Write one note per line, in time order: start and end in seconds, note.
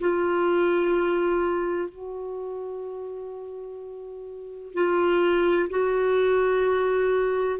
0.00 1.89 F4
1.89 4.74 F#4
4.74 5.69 F4
5.70 7.60 F#4